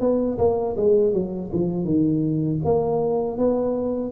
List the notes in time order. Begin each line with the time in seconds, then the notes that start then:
0.00 B3
0.38 A#3
0.76 G#3
1.13 F#3
1.52 F3
1.84 D#3
2.65 A#3
3.38 B3